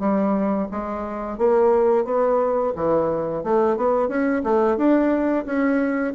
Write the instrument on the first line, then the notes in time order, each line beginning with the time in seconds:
bassoon
0.00 G3
0.71 G#3
1.38 A#3
2.05 B3
2.76 E3
3.44 A3
3.77 B3
4.08 C#4
4.44 A3
4.77 D4
5.46 C#4